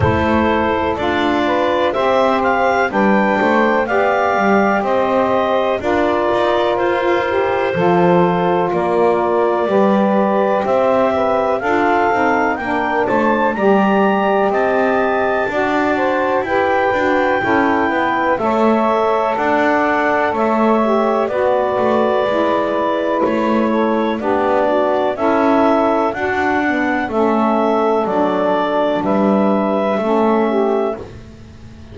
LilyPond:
<<
  \new Staff \with { instrumentName = "clarinet" } { \time 4/4 \tempo 4 = 62 c''4 d''4 e''8 f''8 g''4 | f''4 dis''4 d''4 c''4~ | c''4 d''2 e''4 | f''4 g''8 a''8 ais''4 a''4~ |
a''4 g''2 e''4 | fis''4 e''4 d''2 | cis''4 d''4 e''4 fis''4 | e''4 d''4 e''2 | }
  \new Staff \with { instrumentName = "saxophone" } { \time 4/4 a'4. b'8 c''4 b'8 c''8 | d''4 c''4 ais'2 | a'4 ais'4 b'4 c''8 b'8 | a'4 ais'8 c''8 d''4 dis''4 |
d''8 c''8 b'4 a'8 b'8 cis''4 | d''4 cis''4 b'2~ | b'8 a'8 g'8 fis'8 e'4 d'4 | a'2 b'4 a'8 g'8 | }
  \new Staff \with { instrumentName = "saxophone" } { \time 4/4 e'4 f'4 g'4 d'4 | g'2 f'4. g'8 | f'2 g'2 | f'8 dis'8 d'4 g'2 |
fis'4 g'8 fis'8 e'4 a'4~ | a'4. g'8 fis'4 e'4~ | e'4 d'4 a'4 fis'8 b8 | cis'4 d'2 cis'4 | }
  \new Staff \with { instrumentName = "double bass" } { \time 4/4 a4 d'4 c'4 g8 a8 | b8 g8 c'4 d'8 dis'8 f'4 | f4 ais4 g4 c'4 | d'8 c'8 ais8 a8 g4 c'4 |
d'4 e'8 d'8 cis'8 b8 a4 | d'4 a4 b8 a8 gis4 | a4 b4 cis'4 d'4 | a4 fis4 g4 a4 | }
>>